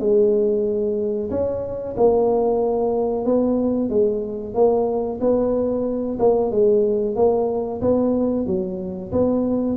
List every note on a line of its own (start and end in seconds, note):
0.00 1.30 G#3
1.31 1.96 C#4
1.97 3.25 A#3
3.25 3.90 B3
3.90 4.55 G#3
4.55 5.20 A#3
5.21 6.19 B3
6.20 6.52 A#3
6.52 7.16 G#3
7.16 7.81 A#3
7.82 8.47 B3
8.47 9.12 F#3
9.12 9.77 B3